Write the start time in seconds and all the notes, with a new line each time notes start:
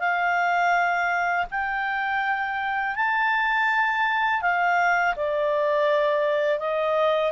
0.00 F5
1.51 G5
2.96 A5
4.42 F5
5.17 D5
6.60 D#5